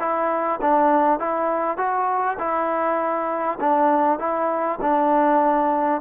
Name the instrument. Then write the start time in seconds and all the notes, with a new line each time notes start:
trombone
0.00 E4
0.61 D4
1.19 E4
1.78 F#4
2.39 E4
3.61 D4
4.19 E4
4.81 D4